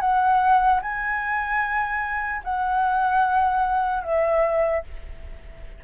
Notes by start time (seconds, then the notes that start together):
0.00 F#5
0.82 G#5
2.44 F#5
4.03 E5